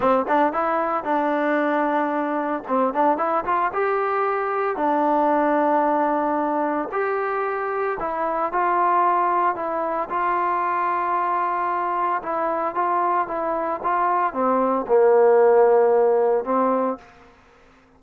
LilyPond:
\new Staff \with { instrumentName = "trombone" } { \time 4/4 \tempo 4 = 113 c'8 d'8 e'4 d'2~ | d'4 c'8 d'8 e'8 f'8 g'4~ | g'4 d'2.~ | d'4 g'2 e'4 |
f'2 e'4 f'4~ | f'2. e'4 | f'4 e'4 f'4 c'4 | ais2. c'4 | }